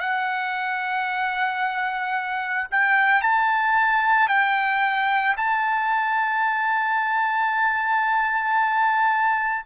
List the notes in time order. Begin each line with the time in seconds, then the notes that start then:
0.00 F#5
2.71 G5
3.22 A5
4.29 G5
5.37 A5